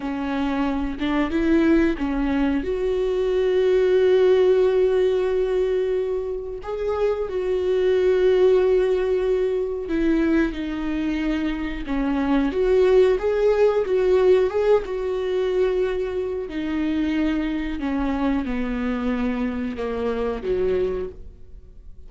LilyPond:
\new Staff \with { instrumentName = "viola" } { \time 4/4 \tempo 4 = 91 cis'4. d'8 e'4 cis'4 | fis'1~ | fis'2 gis'4 fis'4~ | fis'2. e'4 |
dis'2 cis'4 fis'4 | gis'4 fis'4 gis'8 fis'4.~ | fis'4 dis'2 cis'4 | b2 ais4 fis4 | }